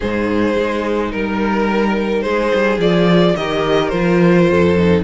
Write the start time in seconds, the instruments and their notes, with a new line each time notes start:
0.00 cello G#2, viola D#4, violin G#4 C5
0.56 cello G#3
1.11 cello G3, violin A#4
2.22 cello G#3, violin G#4 C5
2.54 cello G3
2.77 cello F3, viola F4, violin D5
3.36 cello D#3, viola G4, violin A#4 D#5
3.88 cello F3, viola F4, violin C5
4.49 cello F2, violin A4
4.77 viola D#4